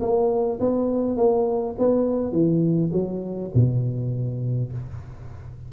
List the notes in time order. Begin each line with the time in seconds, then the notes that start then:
0.00 A#3
0.60 B3
1.17 A#3
1.78 B3
2.32 E3
2.92 F#3
3.54 B2